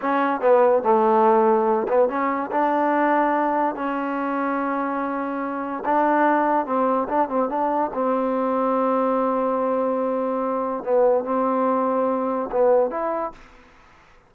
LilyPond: \new Staff \with { instrumentName = "trombone" } { \time 4/4 \tempo 4 = 144 cis'4 b4 a2~ | a8 b8 cis'4 d'2~ | d'4 cis'2.~ | cis'2 d'2 |
c'4 d'8 c'8 d'4 c'4~ | c'1~ | c'2 b4 c'4~ | c'2 b4 e'4 | }